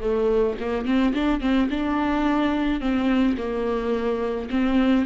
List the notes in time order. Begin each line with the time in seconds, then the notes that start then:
0.00 A3
0.59 A#3
0.85 C4
1.14 D4
1.40 C4
1.70 D4
2.80 C4
3.37 A#3
4.50 C4